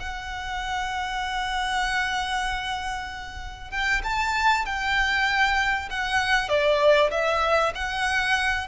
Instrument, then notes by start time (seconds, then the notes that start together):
violin
0.00 F#5
3.71 G5
4.04 A5
4.66 G5
5.90 F#5
6.49 D5
7.11 E5
7.75 F#5